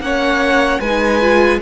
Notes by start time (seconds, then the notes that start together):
0.00 A#3 C#4 C#5 F#5
0.79 G#3 D#4 B4 G#5
1.20 F4